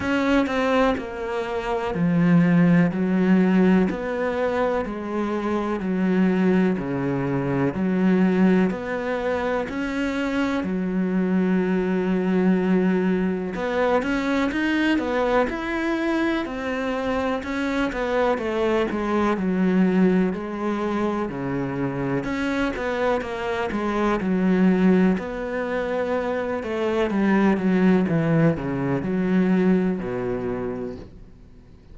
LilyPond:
\new Staff \with { instrumentName = "cello" } { \time 4/4 \tempo 4 = 62 cis'8 c'8 ais4 f4 fis4 | b4 gis4 fis4 cis4 | fis4 b4 cis'4 fis4~ | fis2 b8 cis'8 dis'8 b8 |
e'4 c'4 cis'8 b8 a8 gis8 | fis4 gis4 cis4 cis'8 b8 | ais8 gis8 fis4 b4. a8 | g8 fis8 e8 cis8 fis4 b,4 | }